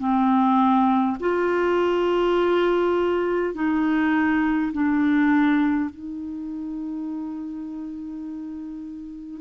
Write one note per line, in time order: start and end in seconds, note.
0.00 1.18 C4
1.20 3.55 F4
3.55 4.72 D#4
4.73 5.90 D4
5.90 9.42 D#4